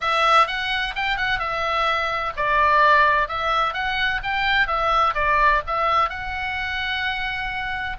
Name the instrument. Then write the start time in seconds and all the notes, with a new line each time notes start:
oboe
0.01 E5
0.47 F#5
0.95 G5
1.16 F#5
1.39 E5
2.36 D5
3.28 E5
3.73 F#5
4.23 G5
4.67 E5
5.14 D5
5.66 E5
6.09 F#5